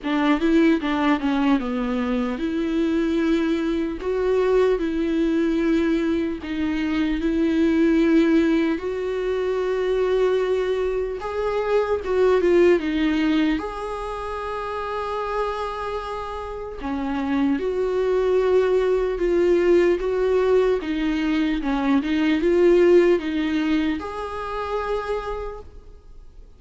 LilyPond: \new Staff \with { instrumentName = "viola" } { \time 4/4 \tempo 4 = 75 d'8 e'8 d'8 cis'8 b4 e'4~ | e'4 fis'4 e'2 | dis'4 e'2 fis'4~ | fis'2 gis'4 fis'8 f'8 |
dis'4 gis'2.~ | gis'4 cis'4 fis'2 | f'4 fis'4 dis'4 cis'8 dis'8 | f'4 dis'4 gis'2 | }